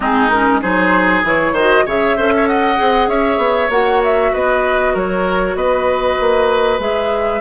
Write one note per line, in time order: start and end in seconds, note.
0.00 0.62 G#3
0.00 0.30 C4
0.00 0.60 D#4
0.00 0.29 G#4
0.29 0.62 C#4
0.29 0.60 A#4
0.61 1.23 F#3
0.61 1.23 D#4
0.61 1.53 G#4
0.61 1.23 C5
1.23 1.52 E3
1.23 1.55 E4
1.23 1.56 C#5
1.52 1.83 D#3
1.52 1.87 F#4
1.52 1.84 C5
1.52 1.87 D#5
1.86 2.17 C#3
1.86 2.17 G#4
1.86 2.16 C#5
1.86 2.47 E5
2.16 2.79 C#4
2.16 2.76 A4
2.16 2.32 C5
2.36 2.48 C#5
2.47 3.08 D#5
2.47 3.08 F#5
2.76 3.07 C4
2.76 3.69 G#4
3.07 3.37 C#4
3.07 4.32 C#5
3.07 3.70 E5
3.37 3.68 B3
3.69 4.31 A#3
3.69 6.80 F#4
3.69 4.01 F#5
4.03 4.34 E5
4.32 4.95 B3
4.32 4.93 B4
4.32 4.96 D#5
4.93 5.55 F#3
4.93 5.55 A#4
4.93 5.56 C#5
5.55 6.17 B3
5.55 7.41 B4
5.55 6.79 D#5
6.19 6.79 A#3
6.79 7.41 G#3
6.79 7.41 G#4
6.79 7.41 E5